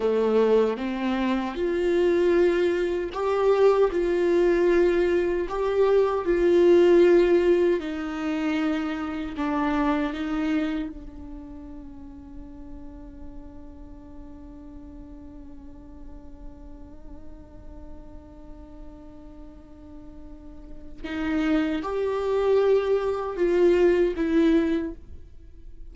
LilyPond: \new Staff \with { instrumentName = "viola" } { \time 4/4 \tempo 4 = 77 a4 c'4 f'2 | g'4 f'2 g'4 | f'2 dis'2 | d'4 dis'4 d'2~ |
d'1~ | d'1~ | d'2. dis'4 | g'2 f'4 e'4 | }